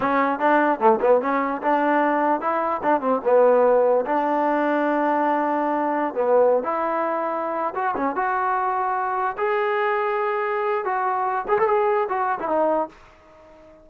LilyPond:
\new Staff \with { instrumentName = "trombone" } { \time 4/4 \tempo 4 = 149 cis'4 d'4 a8 b8 cis'4 | d'2 e'4 d'8 c'8 | b2 d'2~ | d'2.~ d'16 b8.~ |
b8 e'2~ e'8. fis'8 cis'16~ | cis'16 fis'2. gis'8.~ | gis'2. fis'4~ | fis'8 gis'16 a'16 gis'4 fis'8. e'16 dis'4 | }